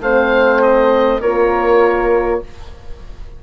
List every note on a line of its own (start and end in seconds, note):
0.00 1.20 A3
0.00 1.22 C4
0.00 1.20 C5
0.00 0.62 F5
0.62 1.21 D#5
1.20 2.42 A#3
1.20 2.43 F4
1.20 2.40 A#4
1.20 2.41 C#5